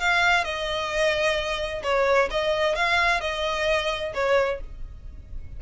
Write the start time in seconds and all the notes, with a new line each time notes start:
0.00 F5
0.44 D#5
1.83 C#5
2.30 D#5
2.75 F5
3.21 D#5
4.14 C#5